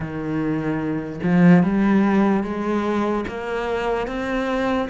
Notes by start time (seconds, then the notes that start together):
0.00 D#3
1.23 F3
1.63 G3
2.43 G#3
3.28 A#3
4.07 C4